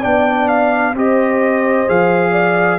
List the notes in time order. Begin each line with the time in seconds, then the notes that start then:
0.00 B3 D4 D5 G5
0.49 F5
0.94 C4 G4 C5 D#5
1.87 F3 G#4 F5
2.32 D5